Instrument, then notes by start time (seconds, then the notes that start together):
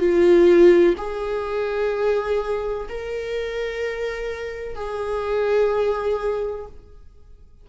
viola
0.00 F4
0.98 G#4
2.89 A#4
4.76 G#4